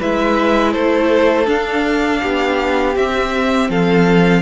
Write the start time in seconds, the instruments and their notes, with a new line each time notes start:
0.00 cello G#3, viola E4, violin B4 E5
0.73 cello A3, violin A4 C5
1.46 viola D4, cello D4, violin F5
2.22 cello B3, violin G4
2.96 cello C4, viola C4, violin E5
3.70 cello F3, violin A4 F5